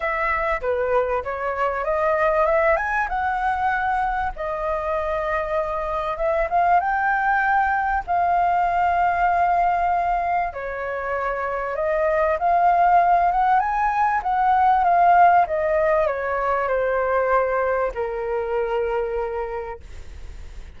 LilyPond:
\new Staff \with { instrumentName = "flute" } { \time 4/4 \tempo 4 = 97 e''4 b'4 cis''4 dis''4 | e''8 gis''8 fis''2 dis''4~ | dis''2 e''8 f''8 g''4~ | g''4 f''2.~ |
f''4 cis''2 dis''4 | f''4. fis''8 gis''4 fis''4 | f''4 dis''4 cis''4 c''4~ | c''4 ais'2. | }